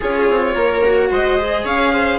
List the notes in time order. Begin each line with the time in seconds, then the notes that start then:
0.00 C#4 F4 G#4 C#5
0.29 C4
0.55 A#3 A#4
0.85 F#4
1.10 G#3 C5 D#5
1.39 G#4
1.64 C#4 C#5 F5
1.93 C5